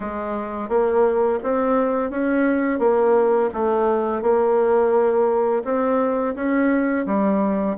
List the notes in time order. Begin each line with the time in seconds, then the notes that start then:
0.00 G#3
0.68 A#3
1.43 C4
2.10 C#4
2.79 A#3
3.53 A3
4.22 A#3
5.64 C4
6.35 C#4
7.06 G3